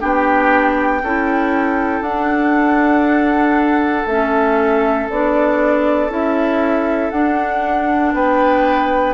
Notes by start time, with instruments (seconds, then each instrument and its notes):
0.00 bassoon B3, clarinet D4, oboe G4, flute G5
1.03 bassoon C#4, clarinet E4, oboe A4
2.01 bassoon D4, clarinet D4, flute F#5
4.06 bassoon A3, clarinet C#4, flute E5
5.10 bassoon B3, clarinet D4, flute D5
6.10 bassoon C#4, clarinet E4, flute E5
7.11 bassoon D4, clarinet D4, flute F#5
8.14 bassoon B3, oboe B4, flute G5